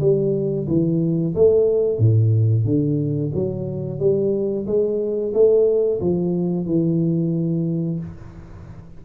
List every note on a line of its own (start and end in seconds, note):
0.00 0.67 G3
0.68 1.34 E3
1.35 1.99 A3
1.99 2.65 A2
2.65 3.32 D3
3.34 3.99 F#3
3.99 4.66 G3
4.66 5.33 G#3
5.34 6.00 A3
6.01 6.66 F3
6.66 7.99 E3